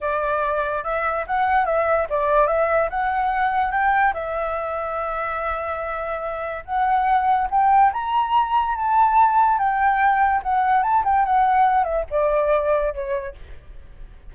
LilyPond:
\new Staff \with { instrumentName = "flute" } { \time 4/4 \tempo 4 = 144 d''2 e''4 fis''4 | e''4 d''4 e''4 fis''4~ | fis''4 g''4 e''2~ | e''1 |
fis''2 g''4 ais''4~ | ais''4 a''2 g''4~ | g''4 fis''4 a''8 g''8 fis''4~ | fis''8 e''8 d''2 cis''4 | }